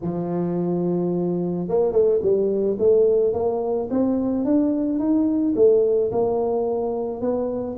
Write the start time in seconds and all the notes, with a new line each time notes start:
0.01 F3
1.68 A#3
1.92 A3
2.21 G3
2.78 A3
3.33 A#3
3.90 C4
4.44 D4
4.98 D#4
5.55 A3
6.11 A#3
7.21 B3